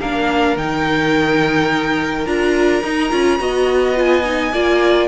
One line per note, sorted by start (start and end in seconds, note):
0.00 0.56 A#3
0.00 0.57 D4
0.00 3.40 A#4
0.00 0.57 F5
0.56 2.25 D#3
0.56 2.26 D#4
0.56 2.26 G5
2.25 2.82 D4
2.25 2.82 F4
2.25 3.96 A#5
2.83 3.12 D#4
2.83 3.10 D#4
3.10 3.39 C#4
3.10 3.38 F4
3.38 4.52 B3
3.38 3.94 F#4
3.38 4.53 D#5
3.94 4.23 F4
3.94 5.07 G#5
4.24 4.52 D#4
4.52 5.07 A#3
4.52 5.07 F4
4.52 5.07 D5